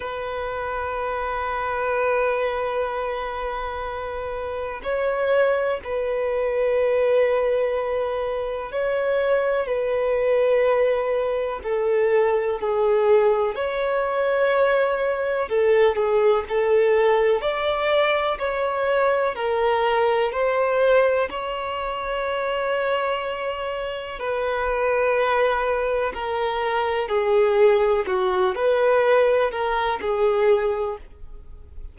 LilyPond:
\new Staff \with { instrumentName = "violin" } { \time 4/4 \tempo 4 = 62 b'1~ | b'4 cis''4 b'2~ | b'4 cis''4 b'2 | a'4 gis'4 cis''2 |
a'8 gis'8 a'4 d''4 cis''4 | ais'4 c''4 cis''2~ | cis''4 b'2 ais'4 | gis'4 fis'8 b'4 ais'8 gis'4 | }